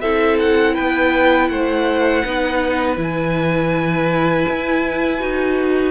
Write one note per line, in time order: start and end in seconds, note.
0.00 0.76 C4
0.00 2.25 E4
0.00 0.74 A4
0.00 0.37 E5
0.39 0.75 F#5
0.74 1.49 B3
0.74 1.48 B4
0.74 1.48 G5
1.48 2.23 A3
1.48 2.23 C5
1.48 2.96 F#5
2.23 2.97 B3
2.23 2.96 D#4
2.23 5.91 B4
2.96 4.45 E3
2.96 5.18 E4
2.96 5.91 G#5
4.48 5.21 E4
5.19 5.91 D#4
5.19 5.91 F#4